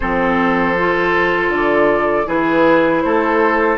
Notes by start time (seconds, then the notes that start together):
0.00 F3 C4 A4 C5
0.78 F4
1.48 D3 D5
2.25 E3 E4 G#4 B4
3.01 A3 A4 C5